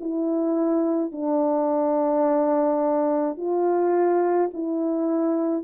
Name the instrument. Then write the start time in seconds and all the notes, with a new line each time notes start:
horn
0.00 E4
1.12 D4
3.37 F4
4.53 E4